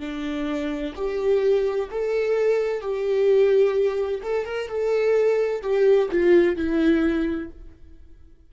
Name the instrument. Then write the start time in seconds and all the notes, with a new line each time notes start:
viola
0.00 D4
0.96 G4
1.91 A4
2.81 G4
4.23 A4
4.45 A#4
4.68 A4
5.62 G4
6.12 F4
6.57 E4